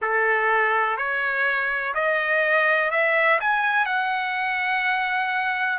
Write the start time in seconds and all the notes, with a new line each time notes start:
0.01 A4
0.97 C#5
1.94 D#5
2.90 E5
3.40 G#5
3.85 F#5